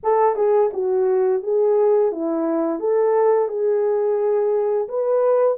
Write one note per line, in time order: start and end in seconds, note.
0.03 0.35 A4
0.35 0.70 G#4
0.73 1.42 F#4
1.42 2.11 G#4
2.11 2.79 E4
2.79 3.48 A4
3.48 4.88 G#4
4.88 5.58 B4